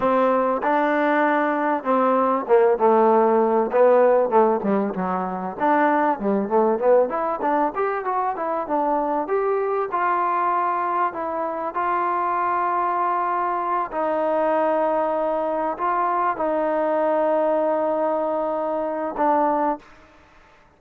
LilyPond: \new Staff \with { instrumentName = "trombone" } { \time 4/4 \tempo 4 = 97 c'4 d'2 c'4 | ais8 a4. b4 a8 g8 | fis4 d'4 g8 a8 b8 e'8 | d'8 g'8 fis'8 e'8 d'4 g'4 |
f'2 e'4 f'4~ | f'2~ f'8 dis'4.~ | dis'4. f'4 dis'4.~ | dis'2. d'4 | }